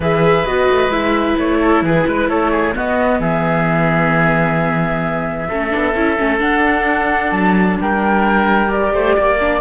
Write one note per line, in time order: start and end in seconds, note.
0.00 0.44 E3
0.00 0.45 G#4
0.00 1.58 B4
0.00 0.46 E5
0.45 0.68 B3
0.45 0.91 F#4
0.45 0.91 D#5
0.70 0.88 A3
0.88 1.34 G#3
0.88 2.73 E4
0.88 1.37 E5
1.38 1.82 A3
1.38 1.83 C#5
1.60 1.82 A4
1.82 2.04 E3
1.82 2.07 G#4
1.82 2.28 B4
2.07 2.29 G#3
2.07 2.29 B4
2.28 2.75 A3
2.28 2.51 A4
2.28 2.74 C#5
2.51 2.74 G#4
2.73 5.48 B3
2.73 3.19 B3
2.73 3.20 F#4
2.73 3.20 D#5
3.19 5.48 E3
3.19 5.49 G#4
3.19 6.39 E5
5.49 5.73 A3
5.49 5.70 C#4
5.49 7.78 A4
5.70 5.95 B3
5.70 5.93 D4
5.95 6.17 C#4
5.95 6.17 E4
6.17 6.40 A3
6.17 6.39 C#4
6.39 8.68 D4
6.39 7.31 D4
6.39 7.31 F#5
7.31 7.77 F#3
7.31 7.77 A5
7.80 8.93 G3
7.80 8.94 A#4
7.80 8.71 G5
8.68 9.36 G4
8.68 9.60 D5
8.93 9.16 A3
8.93 9.16 C5
9.16 9.60 A#3
9.16 9.60 D5
9.40 9.60 D4